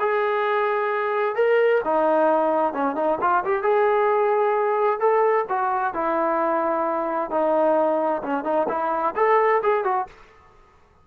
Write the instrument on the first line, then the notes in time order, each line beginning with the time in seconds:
trombone
0.00 G#4
1.36 A#4
1.85 D#4
2.74 C#4
2.96 D#4
3.21 F4
3.45 G4
3.63 G#4
5.00 A4
5.49 F#4
5.94 E4
7.31 D#4
8.23 C#4
8.45 D#4
8.69 E4
9.16 A4
9.63 G#4
9.85 F#4